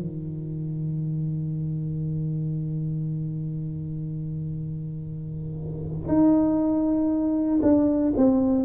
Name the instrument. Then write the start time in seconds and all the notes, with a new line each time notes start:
tuba
0.00 D#3
6.08 D#4
7.63 D4
8.17 C4